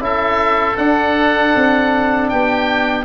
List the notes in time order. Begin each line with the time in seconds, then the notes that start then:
0.00 C#4 E4 A4 E5
0.77 D4 F#5
1.56 C4
2.29 B3 G4 G5